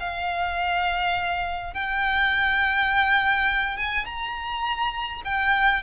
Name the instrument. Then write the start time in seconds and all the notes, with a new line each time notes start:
violin
0.00 F5
1.74 G5
3.77 G#5
4.06 A#5
5.25 G5